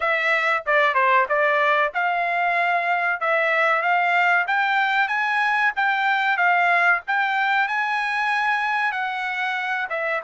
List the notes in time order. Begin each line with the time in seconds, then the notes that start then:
0.00 E5
0.66 D5
0.94 C5
1.28 D5
1.94 F5
3.20 E5
3.82 F5
4.47 G5
5.08 G#5
5.76 G5
6.37 F5
7.07 G5
7.67 G#5
8.92 F#5
9.89 E5